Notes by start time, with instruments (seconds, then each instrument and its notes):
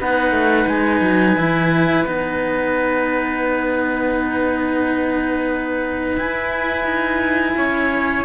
0.00 cello B3 D#4, trumpet B4, clarinet F#5
0.31 cello A3
0.67 cello G#3, clarinet G#5
1.01 cello F#3
1.37 cello E3 E4
2.05 cello B3 D#4, clarinet F#5
6.16 cello E4, clarinet G#5
6.84 cello D#4
7.57 cello C#4, trumpet C#5